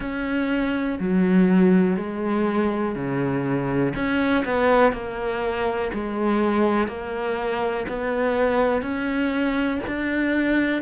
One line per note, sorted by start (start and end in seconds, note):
0.00 0.98 C#4
0.99 1.96 F#3
1.96 2.95 G#3
2.95 3.93 C#3
3.95 4.44 C#4
4.45 4.92 B3
4.92 5.90 A#3
5.93 6.87 G#3
6.87 7.86 A#3
7.88 8.82 B3
8.82 9.80 C#4
9.87 10.82 D4